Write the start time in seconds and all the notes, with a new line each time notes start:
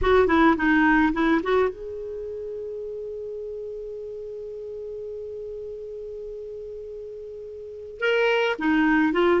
0.01 F#4
0.27 E4
0.56 D#4
1.13 E4
1.42 F#4
1.69 G#4
7.99 A#4
8.58 D#4
9.12 F4